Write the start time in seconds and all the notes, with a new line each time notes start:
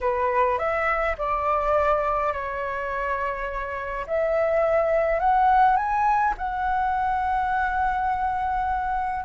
0.00 B4
0.58 E5
1.18 D5
2.32 C#5
4.06 E5
5.19 F#5
5.76 G#5
6.37 F#5